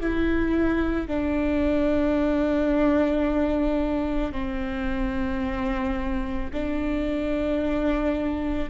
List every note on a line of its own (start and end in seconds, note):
0.00 1.08 E4
1.08 4.32 D4
4.32 6.51 C4
6.53 8.69 D4